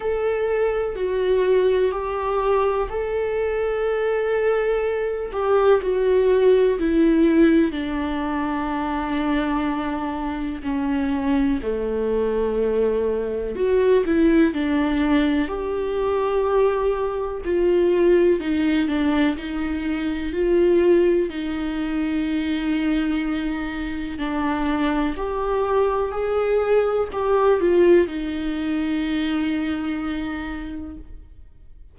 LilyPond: \new Staff \with { instrumentName = "viola" } { \time 4/4 \tempo 4 = 62 a'4 fis'4 g'4 a'4~ | a'4. g'8 fis'4 e'4 | d'2. cis'4 | a2 fis'8 e'8 d'4 |
g'2 f'4 dis'8 d'8 | dis'4 f'4 dis'2~ | dis'4 d'4 g'4 gis'4 | g'8 f'8 dis'2. | }